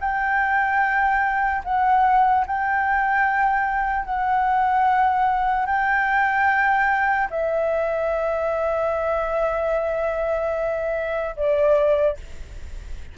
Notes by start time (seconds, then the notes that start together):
0.00 G5
1.64 F#5
2.47 G5
4.05 F#5
5.66 G5
7.30 E5
11.36 D5